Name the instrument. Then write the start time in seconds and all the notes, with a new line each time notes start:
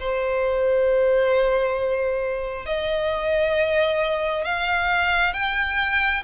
violin
0.00 C5
2.66 D#5
4.45 F5
5.34 G5